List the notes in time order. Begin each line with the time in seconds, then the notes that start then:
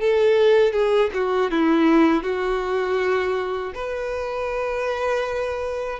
0.00 A4
0.73 G#4
1.14 F#4
1.51 E4
2.23 F#4
3.75 B4